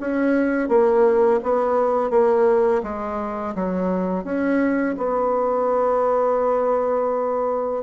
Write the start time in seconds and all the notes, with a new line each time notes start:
0.00 C#4
0.68 A#3
1.43 B3
2.10 A#3
2.82 G#3
3.55 F#3
4.24 C#4
4.97 B3